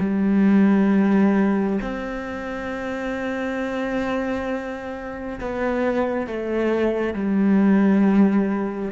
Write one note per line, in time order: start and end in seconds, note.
0.00 1.79 G3
1.81 5.39 C4
5.41 6.27 B3
6.27 7.14 A3
7.14 8.91 G3